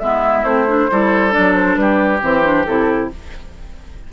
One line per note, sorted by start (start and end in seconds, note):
0.00 0.44 G#3
0.00 0.45 B3
0.00 0.91 E4
0.00 0.44 E5
0.44 0.88 A3
0.44 0.67 C4
0.44 1.32 C5
0.67 0.90 D4
0.91 1.36 G3
0.91 1.31 E4
0.91 1.80 A4
1.31 2.19 D4
1.31 1.54 D5
1.38 1.77 F#3
1.55 1.76 C5
1.76 2.21 G3
1.76 3.13 G4
1.76 2.20 B4
2.21 2.67 E3
2.21 2.43 C4
2.21 2.66 C5
2.43 2.65 D4
2.66 3.11 C3
2.66 3.11 E4
2.66 3.10 A4